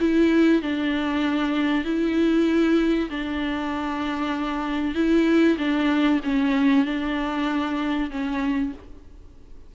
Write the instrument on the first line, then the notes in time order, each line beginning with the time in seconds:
viola
0.00 E4
0.62 D4
1.84 E4
3.10 D4
4.94 E4
5.58 D4
6.23 C#4
6.85 D4
8.10 C#4